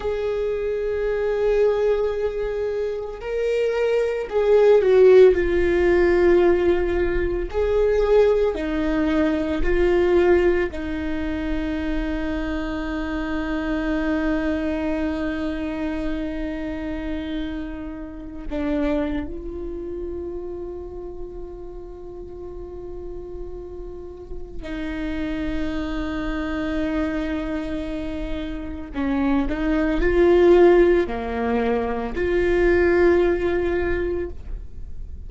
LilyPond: \new Staff \with { instrumentName = "viola" } { \time 4/4 \tempo 4 = 56 gis'2. ais'4 | gis'8 fis'8 f'2 gis'4 | dis'4 f'4 dis'2~ | dis'1~ |
dis'4~ dis'16 d'8. f'2~ | f'2. dis'4~ | dis'2. cis'8 dis'8 | f'4 ais4 f'2 | }